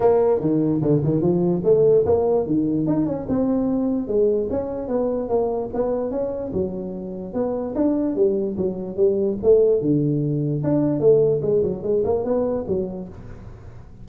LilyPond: \new Staff \with { instrumentName = "tuba" } { \time 4/4 \tempo 4 = 147 ais4 dis4 d8 dis8 f4 | a4 ais4 dis4 dis'8 cis'8 | c'2 gis4 cis'4 | b4 ais4 b4 cis'4 |
fis2 b4 d'4 | g4 fis4 g4 a4 | d2 d'4 a4 | gis8 fis8 gis8 ais8 b4 fis4 | }